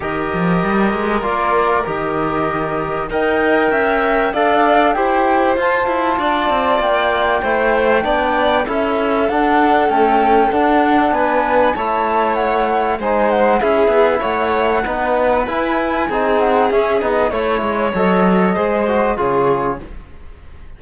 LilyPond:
<<
  \new Staff \with { instrumentName = "flute" } { \time 4/4 \tempo 4 = 97 dis''2 d''4 dis''4~ | dis''4 g''2 f''4 | g''4 a''2 g''4~ | g''2 e''4 fis''4 |
g''4 fis''4 gis''4 a''4 | fis''4 gis''8 fis''8 e''4 fis''4~ | fis''4 gis''4. fis''8 e''8 dis''8 | cis''4 dis''2 cis''4 | }
  \new Staff \with { instrumentName = "violin" } { \time 4/4 ais'1~ | ais'4 dis''4 e''4 d''4 | c''2 d''2 | c''4 d''4 a'2~ |
a'2 b'4 cis''4~ | cis''4 c''4 gis'4 cis''4 | b'2 gis'2 | cis''2 c''4 gis'4 | }
  \new Staff \with { instrumentName = "trombone" } { \time 4/4 g'2 f'4 g'4~ | g'4 ais'2 a'4 | g'4 f'2. | e'4 d'4 e'4 d'4 |
a4 d'2 e'4~ | e'4 dis'4 e'2 | dis'4 e'4 dis'4 cis'8 dis'8 | e'4 a'4 gis'8 fis'8 f'4 | }
  \new Staff \with { instrumentName = "cello" } { \time 4/4 dis8 f8 g8 gis8 ais4 dis4~ | dis4 dis'4 cis'4 d'4 | e'4 f'8 e'8 d'8 c'8 ais4 | a4 b4 cis'4 d'4 |
cis'4 d'4 b4 a4~ | a4 gis4 cis'8 b8 a4 | b4 e'4 c'4 cis'8 b8 | a8 gis8 fis4 gis4 cis4 | }
>>